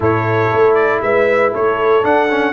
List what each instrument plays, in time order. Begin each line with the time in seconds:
0.00 tuba A2, trombone E4, horn A4, trumpet C#5
0.51 tuba A3
0.74 trumpet D5
1.01 tuba G#3, horn B4, trumpet E5
1.52 tuba A3, horn A4, trumpet C#5
2.02 trombone D4, tuba D4, trumpet F#5
2.30 trombone C#4